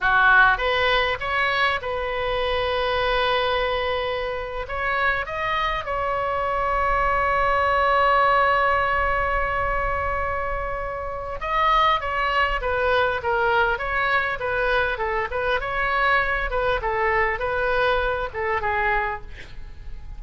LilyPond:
\new Staff \with { instrumentName = "oboe" } { \time 4/4 \tempo 4 = 100 fis'4 b'4 cis''4 b'4~ | b'2.~ b'8. cis''16~ | cis''8. dis''4 cis''2~ cis''16~ | cis''1~ |
cis''2. dis''4 | cis''4 b'4 ais'4 cis''4 | b'4 a'8 b'8 cis''4. b'8 | a'4 b'4. a'8 gis'4 | }